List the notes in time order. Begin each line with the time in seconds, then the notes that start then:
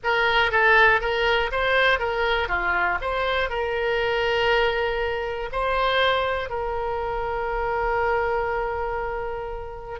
0.03 A#4
0.51 A4
1.00 A#4
1.51 C5
1.99 A#4
2.48 F4
3.01 C5
3.49 A#4
5.52 C5
6.49 A#4